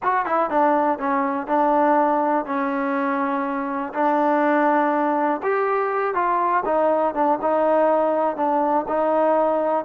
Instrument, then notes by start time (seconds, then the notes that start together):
trombone
0.02 F#4
0.25 E4
0.50 D4
0.98 C#4
1.47 D4
2.45 C#4
3.93 D4
5.42 G4
6.14 F4
6.65 D#4
7.14 D4
7.41 D#4
8.36 D4
8.87 D#4